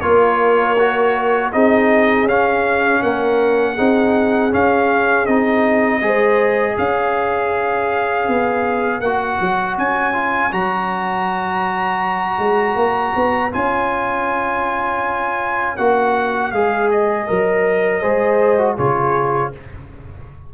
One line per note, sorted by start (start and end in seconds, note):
0.00 1.51 A#3
0.00 0.77 F4
0.00 1.53 A#4
0.00 1.50 C#5
0.78 1.52 F#4
1.52 2.24 C4
1.52 2.27 D#4
1.52 3.02 G#4
1.52 2.27 D#5
2.24 2.99 C#4
2.24 3.77 C#4
2.24 3.02 F5
3.02 3.78 A#3
3.02 3.73 A#4
3.02 4.52 F#5
3.73 4.53 C4
3.73 4.51 D#4
3.73 5.98 G#4
4.51 5.26 C#4
4.51 5.27 C#4
4.51 5.26 F5
5.26 6.01 C4
5.26 6.01 D#4
5.26 6.76 D#5
6.01 6.76 G#3
6.01 9.01 G#4
6.01 6.75 C5
6.75 8.27 C#4
6.75 18.00 C#5
6.75 9.00 F5
8.27 9.00 B3
9.00 9.38 A#3
9.00 10.13 F#4
9.00 9.75 F#5
9.40 9.77 F#3
9.77 10.52 C#4
9.77 10.52 G#5
10.13 10.50 F4
10.51 12.38 F#3
10.51 13.51 F#4
10.51 13.52 A#5
12.38 12.75 G#3
12.75 13.13 A#3
13.15 13.53 B3
13.51 15.78 C#4
13.51 15.76 F4
13.51 15.77 G#5
15.77 16.52 A#3
15.77 16.53 F#4
15.77 16.51 F#5
16.51 17.27 G#3
16.51 17.27 G#4
16.51 16.89 F5
16.90 18.77 D#5
17.27 18.03 F#3
17.27 18.02 A#4
18.00 18.78 G#3
18.00 18.58 G#4
18.00 18.75 C5
18.58 18.77 F#4
18.75 19.53 C#3
18.75 19.52 F4
18.75 19.50 G#4
18.75 19.52 C#5